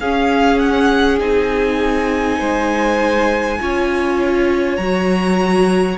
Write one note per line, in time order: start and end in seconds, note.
0.00 1.21 C#4
0.00 1.19 C#4
0.00 2.39 G#4
0.00 0.59 F5
0.59 1.19 F#5
1.19 2.40 C4
1.19 3.59 D#4
1.19 4.76 G#5
2.39 3.60 G#3
2.39 3.58 C5
3.60 4.78 C#4
3.60 4.80 F4
3.60 5.98 C#5
4.76 5.98 F#3
4.76 5.98 F#4
4.76 5.96 A#5